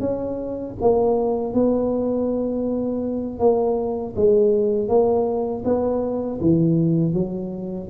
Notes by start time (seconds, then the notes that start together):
0.00 C#4
0.81 A#3
1.54 B3
3.39 A#3
4.16 G#3
4.88 A#3
5.65 B3
6.41 E3
7.14 F#3